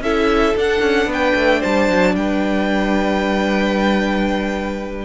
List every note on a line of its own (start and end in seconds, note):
0.00 0.53 C#4
0.00 0.55 E4
0.00 1.09 A4
0.00 0.56 E5
0.55 5.05 D4
0.55 0.81 D4
0.55 1.12 F#5
0.81 1.06 C#4
1.06 1.32 B3
1.12 1.59 B4
1.12 1.62 G5
1.35 1.62 A3
1.59 1.89 G3
1.59 2.12 C5
1.59 2.15 A5
1.89 2.15 F#3
2.15 5.05 G3
2.15 5.05 B4
2.15 5.05 G5